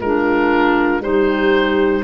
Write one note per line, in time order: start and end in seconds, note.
0.00 1.00 G#3
0.00 1.02 D4
0.00 1.03 F4
0.00 1.02 A#4
1.00 2.02 G3
1.00 2.03 D#4
1.00 2.03 G4
1.00 2.03 C5